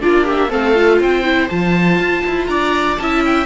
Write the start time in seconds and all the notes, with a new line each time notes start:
0.00 A#3 D4 F4 D5
0.24 G4 E5
0.50 A3 C4 A4 F5
0.74 F4
0.99 C4 C5 G5
1.24 E4
1.49 F3 F4 A5
1.99 F4
2.26 E4
2.46 D4 D5 A#5
2.98 C#4 E4 E5 A5
3.25 G5